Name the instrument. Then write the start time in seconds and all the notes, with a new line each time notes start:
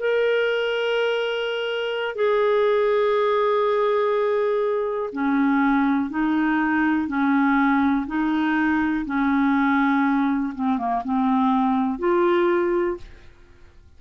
clarinet
0.00 A#4
2.15 G#4
5.12 C#4
6.10 D#4
7.08 C#4
8.07 D#4
9.06 C#4
10.55 C4
10.78 A#3
11.04 C4
11.99 F4